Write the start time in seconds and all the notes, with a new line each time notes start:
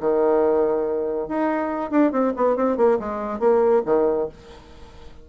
0.00 D#3
1.28 D#4
1.91 D4
2.12 C4
2.36 B3
2.56 C4
2.77 A#3
2.99 G#3
3.39 A#3
3.86 D#3